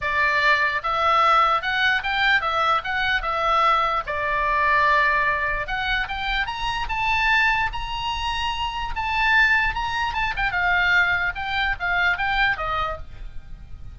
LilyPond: \new Staff \with { instrumentName = "oboe" } { \time 4/4 \tempo 4 = 148 d''2 e''2 | fis''4 g''4 e''4 fis''4 | e''2 d''2~ | d''2 fis''4 g''4 |
ais''4 a''2 ais''4~ | ais''2 a''2 | ais''4 a''8 g''8 f''2 | g''4 f''4 g''4 dis''4 | }